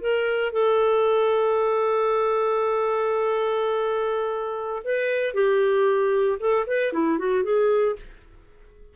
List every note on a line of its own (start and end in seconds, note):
0.00 0.52 A#4
0.52 4.83 A4
4.84 5.34 B4
5.34 6.38 G4
6.39 6.65 A4
6.66 6.92 B4
6.92 7.18 E4
7.18 7.43 F#4
7.43 7.96 G#4